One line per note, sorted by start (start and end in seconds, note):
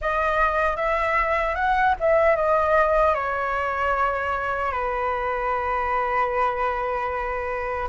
0.01 0.76 D#5
0.76 1.55 E5
1.55 1.94 F#5
2.00 2.36 E5
2.36 3.14 D#5
3.14 4.72 C#5
4.72 7.87 B4